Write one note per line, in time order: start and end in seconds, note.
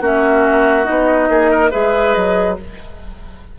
0.00 0.86 A#3
0.00 0.84 C#4
0.00 1.29 F#4
0.00 0.85 E5
0.84 1.29 B3
0.84 1.69 D#4
0.84 1.71 D#5
1.29 1.72 A#3
1.29 1.51 G#4
1.51 1.71 A#4
1.71 2.16 G#3
1.71 2.57 G#4
1.71 2.56 B4
1.71 2.14 E5
2.14 2.59 F#3
2.14 2.57 D#5